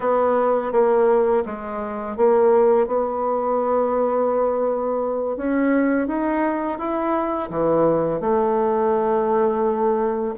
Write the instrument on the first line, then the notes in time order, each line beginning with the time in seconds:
bassoon
0.00 B3
0.72 A#3
1.45 G#3
2.16 A#3
2.86 B3
5.36 C#4
6.07 D#4
6.78 E4
7.50 E3
8.20 A3